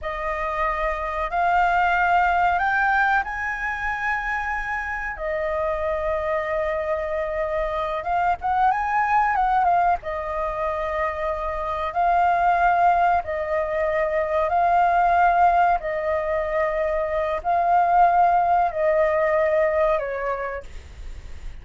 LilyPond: \new Staff \with { instrumentName = "flute" } { \time 4/4 \tempo 4 = 93 dis''2 f''2 | g''4 gis''2. | dis''1~ | dis''8 f''8 fis''8 gis''4 fis''8 f''8 dis''8~ |
dis''2~ dis''8 f''4.~ | f''8 dis''2 f''4.~ | f''8 dis''2~ dis''8 f''4~ | f''4 dis''2 cis''4 | }